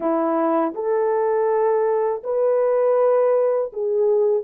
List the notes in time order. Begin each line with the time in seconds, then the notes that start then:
0.00 E4
0.74 A4
2.23 B4
3.72 G#4